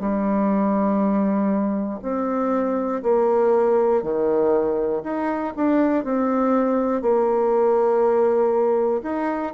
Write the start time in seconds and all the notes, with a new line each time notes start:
0.00 G3
2.03 C4
3.03 A#3
4.03 D#3
5.04 D#4
5.56 D4
6.04 C4
7.02 A#3
9.03 D#4